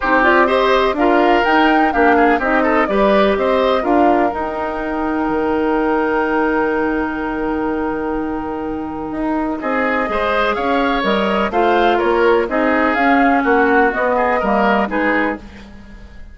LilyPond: <<
  \new Staff \with { instrumentName = "flute" } { \time 4/4 \tempo 4 = 125 c''8 d''8 dis''4 f''4 g''4 | f''4 dis''4 d''4 dis''4 | f''4 g''2.~ | g''1~ |
g''1 | dis''2 f''4 dis''4 | f''4 cis''4 dis''4 f''4 | fis''4 dis''2 b'4 | }
  \new Staff \with { instrumentName = "oboe" } { \time 4/4 g'4 c''4 ais'2 | g'8 gis'8 g'8 a'8 b'4 c''4 | ais'1~ | ais'1~ |
ais'1 | gis'4 c''4 cis''2 | c''4 ais'4 gis'2 | fis'4. gis'8 ais'4 gis'4 | }
  \new Staff \with { instrumentName = "clarinet" } { \time 4/4 dis'8 f'8 g'4 f'4 dis'4 | d'4 dis'4 g'2 | f'4 dis'2.~ | dis'1~ |
dis'1~ | dis'4 gis'2 ais'4 | f'2 dis'4 cis'4~ | cis'4 b4 ais4 dis'4 | }
  \new Staff \with { instrumentName = "bassoon" } { \time 4/4 c'2 d'4 dis'4 | ais4 c'4 g4 c'4 | d'4 dis'2 dis4~ | dis1~ |
dis2. dis'4 | c'4 gis4 cis'4 g4 | a4 ais4 c'4 cis'4 | ais4 b4 g4 gis4 | }
>>